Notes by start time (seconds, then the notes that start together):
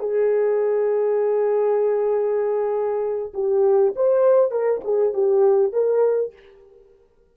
0.00 G#4
3.34 G4
3.96 C5
4.51 A#4
4.85 G#4
5.14 G4
5.73 A#4